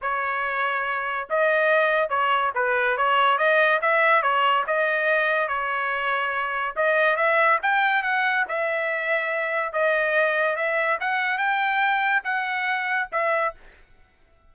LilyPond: \new Staff \with { instrumentName = "trumpet" } { \time 4/4 \tempo 4 = 142 cis''2. dis''4~ | dis''4 cis''4 b'4 cis''4 | dis''4 e''4 cis''4 dis''4~ | dis''4 cis''2. |
dis''4 e''4 g''4 fis''4 | e''2. dis''4~ | dis''4 e''4 fis''4 g''4~ | g''4 fis''2 e''4 | }